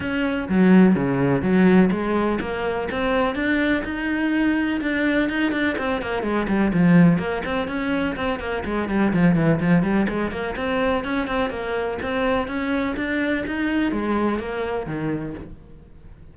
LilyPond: \new Staff \with { instrumentName = "cello" } { \time 4/4 \tempo 4 = 125 cis'4 fis4 cis4 fis4 | gis4 ais4 c'4 d'4 | dis'2 d'4 dis'8 d'8 | c'8 ais8 gis8 g8 f4 ais8 c'8 |
cis'4 c'8 ais8 gis8 g8 f8 e8 | f8 g8 gis8 ais8 c'4 cis'8 c'8 | ais4 c'4 cis'4 d'4 | dis'4 gis4 ais4 dis4 | }